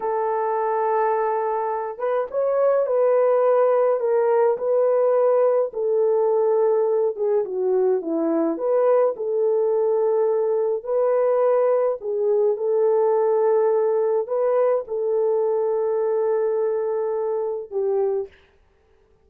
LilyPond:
\new Staff \with { instrumentName = "horn" } { \time 4/4 \tempo 4 = 105 a'2.~ a'8 b'8 | cis''4 b'2 ais'4 | b'2 a'2~ | a'8 gis'8 fis'4 e'4 b'4 |
a'2. b'4~ | b'4 gis'4 a'2~ | a'4 b'4 a'2~ | a'2. g'4 | }